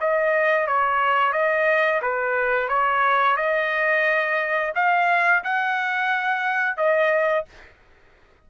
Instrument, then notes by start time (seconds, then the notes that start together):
trumpet
0.00 D#5
0.67 C#5
1.32 D#5
2.01 B4
2.68 C#5
3.36 D#5
4.75 F5
5.44 F#5
6.77 D#5